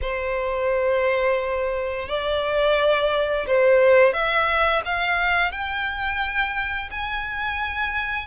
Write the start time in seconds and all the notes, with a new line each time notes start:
0.01 C5
2.08 D5
3.46 C5
4.13 E5
4.85 F5
5.51 G5
6.90 G#5